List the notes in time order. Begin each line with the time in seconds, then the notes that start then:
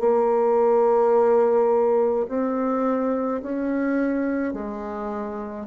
0.00 A#3
2.28 C4
3.42 C#4
4.53 G#3